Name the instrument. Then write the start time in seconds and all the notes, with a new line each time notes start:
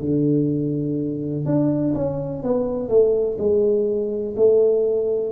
tuba
0.00 D3
1.45 D4
1.94 C#4
2.43 B3
2.89 A3
3.38 G#3
4.36 A3